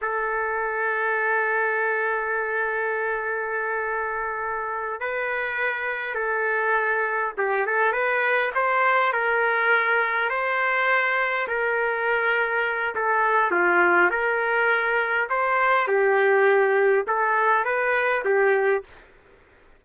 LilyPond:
\new Staff \with { instrumentName = "trumpet" } { \time 4/4 \tempo 4 = 102 a'1~ | a'1~ | a'8 b'2 a'4.~ | a'8 g'8 a'8 b'4 c''4 ais'8~ |
ais'4. c''2 ais'8~ | ais'2 a'4 f'4 | ais'2 c''4 g'4~ | g'4 a'4 b'4 g'4 | }